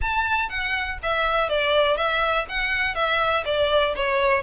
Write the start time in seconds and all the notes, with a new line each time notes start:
0.01 A5
0.49 F#5
1.03 E5
1.49 D5
1.96 E5
2.48 F#5
2.94 E5
3.45 D5
3.96 C#5